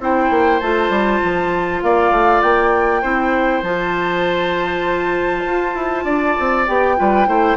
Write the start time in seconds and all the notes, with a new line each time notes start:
0.00 C4 E4 C5 G5
0.30 A#3
0.60 A3 F4 A5
0.89 G3
1.23 F3
1.82 A#3 D5 F5
2.11 A3
2.41 A#3 G5
3.02 C4 E4 C5
3.62 F3 F4 A5
5.45 F4
5.74 E4
6.04 D4 D5
6.39 C4
6.67 B3 G4 G5
6.97 G3 F4 B4
7.26 A3 E4 C5